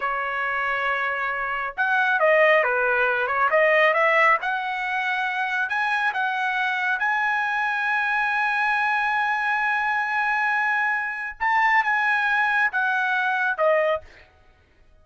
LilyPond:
\new Staff \with { instrumentName = "trumpet" } { \time 4/4 \tempo 4 = 137 cis''1 | fis''4 dis''4 b'4. cis''8 | dis''4 e''4 fis''2~ | fis''4 gis''4 fis''2 |
gis''1~ | gis''1~ | gis''2 a''4 gis''4~ | gis''4 fis''2 dis''4 | }